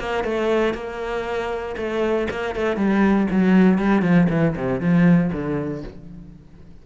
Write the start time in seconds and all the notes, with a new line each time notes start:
0.00 A#3
0.25 A3
0.75 A#3
1.77 A3
2.31 A#3
2.56 A3
2.77 G3
3.31 F#3
3.79 G3
4.02 F3
4.30 E3
4.56 C3
4.81 F3
5.33 D3